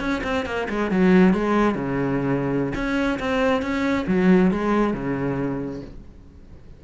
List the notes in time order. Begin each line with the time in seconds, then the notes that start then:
0.00 C#4
0.23 C4
0.45 A#3
0.69 G#3
0.91 F#3
1.33 G#3
1.74 C#3
2.75 C#4
3.19 C4
3.62 C#4
4.07 F#3
4.51 G#3
4.93 C#3